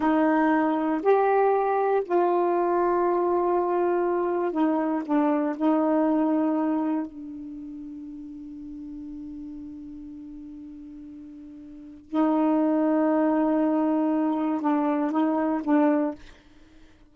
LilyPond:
\new Staff \with { instrumentName = "saxophone" } { \time 4/4 \tempo 4 = 119 dis'2 g'2 | f'1~ | f'4 dis'4 d'4 dis'4~ | dis'2 d'2~ |
d'1~ | d'1 | dis'1~ | dis'4 d'4 dis'4 d'4 | }